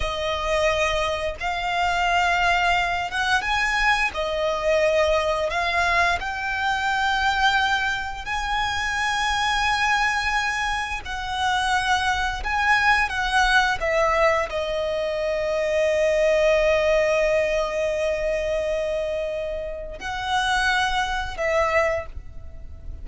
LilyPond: \new Staff \with { instrumentName = "violin" } { \time 4/4 \tempo 4 = 87 dis''2 f''2~ | f''8 fis''8 gis''4 dis''2 | f''4 g''2. | gis''1 |
fis''2 gis''4 fis''4 | e''4 dis''2.~ | dis''1~ | dis''4 fis''2 e''4 | }